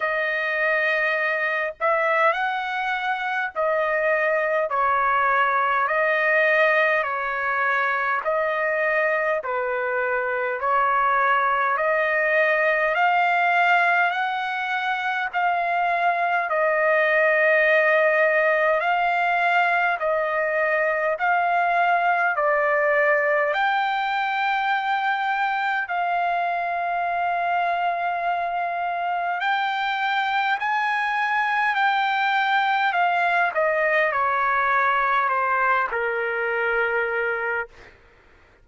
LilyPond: \new Staff \with { instrumentName = "trumpet" } { \time 4/4 \tempo 4 = 51 dis''4. e''8 fis''4 dis''4 | cis''4 dis''4 cis''4 dis''4 | b'4 cis''4 dis''4 f''4 | fis''4 f''4 dis''2 |
f''4 dis''4 f''4 d''4 | g''2 f''2~ | f''4 g''4 gis''4 g''4 | f''8 dis''8 cis''4 c''8 ais'4. | }